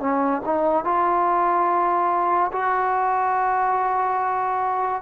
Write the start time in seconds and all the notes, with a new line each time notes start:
0.00 C#4
0.45 D#4
0.85 F4
2.52 F#4